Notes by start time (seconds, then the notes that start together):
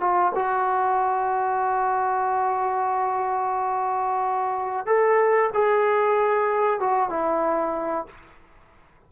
0.00 F4
0.35 F#4
4.86 A4
5.53 G#4
6.79 F#4
7.09 E4